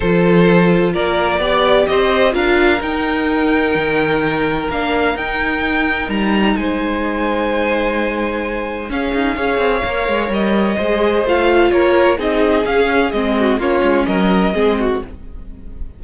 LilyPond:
<<
  \new Staff \with { instrumentName = "violin" } { \time 4/4 \tempo 4 = 128 c''2 d''2 | dis''4 f''4 g''2~ | g''2 f''4 g''4~ | g''4 ais''4 gis''2~ |
gis''2. f''4~ | f''2 dis''2 | f''4 cis''4 dis''4 f''4 | dis''4 cis''4 dis''2 | }
  \new Staff \with { instrumentName = "violin" } { \time 4/4 a'2 ais'4 d''4 | c''4 ais'2.~ | ais'1~ | ais'2 c''2~ |
c''2. gis'4 | cis''2. c''4~ | c''4 ais'4 gis'2~ | gis'8 fis'8 f'4 ais'4 gis'8 fis'8 | }
  \new Staff \with { instrumentName = "viola" } { \time 4/4 f'2. g'4~ | g'4 f'4 dis'2~ | dis'2 d'4 dis'4~ | dis'1~ |
dis'2. cis'4 | gis'4 ais'2 gis'4 | f'2 dis'4 cis'4 | c'4 cis'2 c'4 | }
  \new Staff \with { instrumentName = "cello" } { \time 4/4 f2 ais4 b4 | c'4 d'4 dis'2 | dis2 ais4 dis'4~ | dis'4 g4 gis2~ |
gis2. cis'8 dis'8 | cis'8 c'8 ais8 gis8 g4 gis4 | a4 ais4 c'4 cis'4 | gis4 ais8 gis8 fis4 gis4 | }
>>